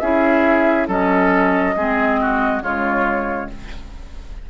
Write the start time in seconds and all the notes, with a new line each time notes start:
0.00 C#4 E4 G#4 E5
0.88 F#3 C#4 A4 D#5
1.76 G#3 C4 G#4
2.21 F#4
2.61 C#3 G#3 F4 C#5